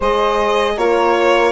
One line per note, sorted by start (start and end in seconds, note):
0.00 0.76 G#3
0.00 0.78 G#4
0.00 0.74 C5
0.00 0.78 D#5
0.76 1.52 A#3
0.76 1.52 F4
0.76 1.52 A#4
0.76 1.52 C#5